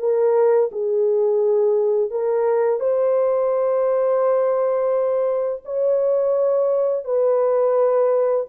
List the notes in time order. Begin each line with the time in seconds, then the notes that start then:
0.00 A#4
0.73 G#4
2.11 A#4
2.80 C5
5.65 C#5
7.05 B4